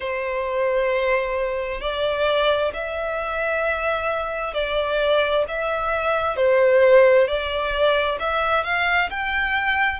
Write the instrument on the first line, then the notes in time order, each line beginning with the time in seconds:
violin
0.00 C5
1.81 D5
2.73 E5
4.54 D5
5.48 E5
6.36 C5
7.27 D5
8.19 E5
8.64 F5
9.10 G5